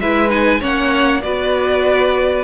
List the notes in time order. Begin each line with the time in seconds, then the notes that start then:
0.00 G#3 E4 B4 E5
0.30 D#4 G#5
0.61 A#3 C#4 C#5 F#5
1.22 B3 F#4 B4 D5